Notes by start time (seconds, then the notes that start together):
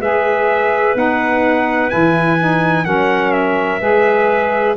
0.00 G#3 G#4 B4 E5
0.95 B3 D#4 F#5
1.89 E3 E4 G#5
2.39 D#4
2.85 F#3 C#4 A#4 F#5
3.32 E5
3.81 G#3 G#4 B4